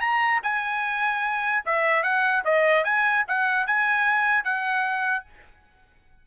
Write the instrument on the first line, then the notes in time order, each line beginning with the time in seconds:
trumpet
0.00 A#5
0.43 G#5
1.65 E5
2.03 F#5
2.44 D#5
2.84 G#5
3.28 F#5
3.67 G#5
4.44 F#5